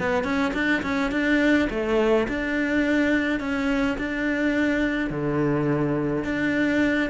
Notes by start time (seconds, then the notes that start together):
0.00 B3
0.24 C#4
0.54 D4
0.83 C#4
1.12 D4
1.70 A3
2.28 D4
3.40 C#4
3.98 D4
5.11 D3
6.25 D4